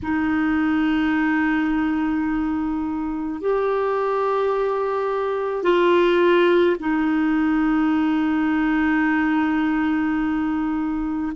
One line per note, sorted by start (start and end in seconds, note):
0.02 3.41 D#4
3.41 5.63 G4
5.63 6.76 F4
6.79 11.32 D#4